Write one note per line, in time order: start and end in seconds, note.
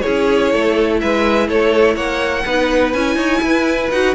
0.00 2.44 E4
0.00 0.52 G#4
0.00 0.97 C#5
0.07 0.54 C#4
0.52 1.02 A3
0.52 1.00 A4
1.00 1.48 G#3
1.00 1.48 B4
1.00 1.48 E5
1.48 1.96 A3
1.48 1.94 A4
1.48 1.96 C#5
1.94 2.44 A#3
1.94 2.43 C#5
1.94 2.92 F#5
2.45 2.94 B3
2.45 2.95 D#4
2.45 3.16 B4
2.92 3.16 C#4
2.92 3.92 E4
2.92 3.89 G#5
3.16 3.40 D#4
3.16 3.40 C#5
3.42 3.90 E4
3.42 4.15 B4
3.91 4.15 D#4
3.91 4.15 F#4
3.91 4.15 F#5